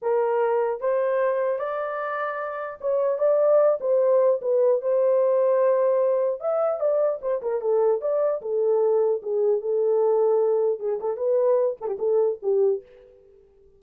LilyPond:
\new Staff \with { instrumentName = "horn" } { \time 4/4 \tempo 4 = 150 ais'2 c''2 | d''2. cis''4 | d''4. c''4. b'4 | c''1 |
e''4 d''4 c''8 ais'8 a'4 | d''4 a'2 gis'4 | a'2. gis'8 a'8 | b'4. a'16 g'16 a'4 g'4 | }